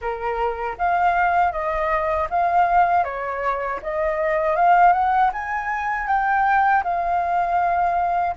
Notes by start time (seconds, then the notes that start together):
0.01 A#4
0.78 F5
1.52 D#5
2.30 F5
3.04 C#5
3.82 D#5
4.56 F5
4.93 F#5
5.32 G#5
6.07 G5
6.83 F5